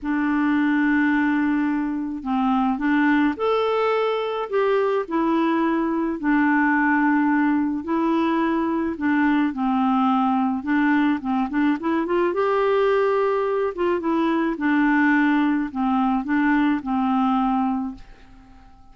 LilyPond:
\new Staff \with { instrumentName = "clarinet" } { \time 4/4 \tempo 4 = 107 d'1 | c'4 d'4 a'2 | g'4 e'2 d'4~ | d'2 e'2 |
d'4 c'2 d'4 | c'8 d'8 e'8 f'8 g'2~ | g'8 f'8 e'4 d'2 | c'4 d'4 c'2 | }